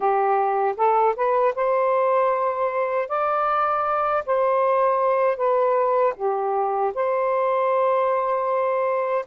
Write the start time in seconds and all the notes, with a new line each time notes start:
0.00 G4
0.76 A4
1.16 B4
1.55 C5
3.08 D5
4.26 C5
5.36 B4
6.15 G4
6.94 C5